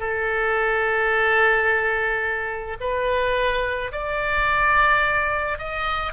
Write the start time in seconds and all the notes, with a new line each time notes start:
0.00 A4
2.81 B4
3.92 D5
5.59 D#5